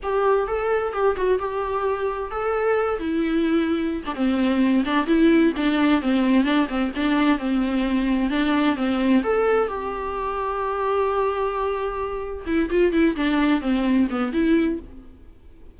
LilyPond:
\new Staff \with { instrumentName = "viola" } { \time 4/4 \tempo 4 = 130 g'4 a'4 g'8 fis'8 g'4~ | g'4 a'4. e'4.~ | e'8. d'16 c'4. d'8 e'4 | d'4 c'4 d'8 c'8 d'4 |
c'2 d'4 c'4 | a'4 g'2.~ | g'2. e'8 f'8 | e'8 d'4 c'4 b8 e'4 | }